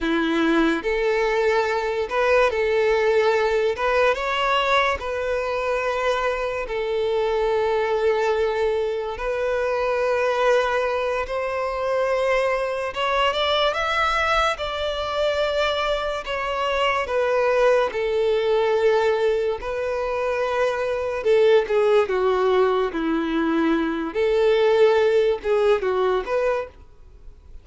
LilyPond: \new Staff \with { instrumentName = "violin" } { \time 4/4 \tempo 4 = 72 e'4 a'4. b'8 a'4~ | a'8 b'8 cis''4 b'2 | a'2. b'4~ | b'4. c''2 cis''8 |
d''8 e''4 d''2 cis''8~ | cis''8 b'4 a'2 b'8~ | b'4. a'8 gis'8 fis'4 e'8~ | e'4 a'4. gis'8 fis'8 b'8 | }